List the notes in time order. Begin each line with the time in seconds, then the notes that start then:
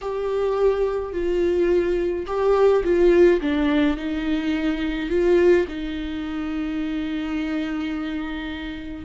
0.01 G4
1.12 F4
2.26 G4
2.84 F4
3.41 D4
3.96 D#4
5.09 F4
5.68 D#4